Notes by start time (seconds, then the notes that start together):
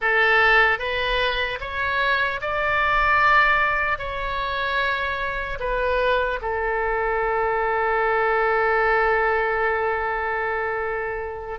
0.01 A4
0.78 B4
1.60 C#5
2.41 D5
3.98 C#5
5.59 B4
6.41 A4